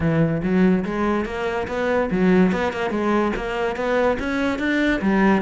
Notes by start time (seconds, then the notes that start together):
0.00 E3
0.42 F#3
0.84 G#3
1.25 A#3
1.67 B3
2.10 F#3
2.52 B3
2.72 A#3
2.90 G#3
3.35 A#3
3.76 B3
4.19 C#4
4.58 D4
5.01 G3